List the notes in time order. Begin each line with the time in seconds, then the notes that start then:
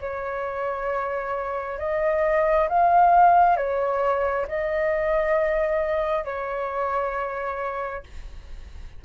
0.00 C#5
1.78 D#5
2.68 F5
3.56 C#5
4.47 D#5
6.24 C#5